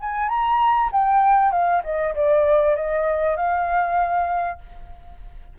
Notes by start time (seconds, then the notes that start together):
0.00 G#5
0.29 A#5
0.92 G5
1.52 F5
1.84 D#5
2.15 D5
2.76 D#5
3.37 F5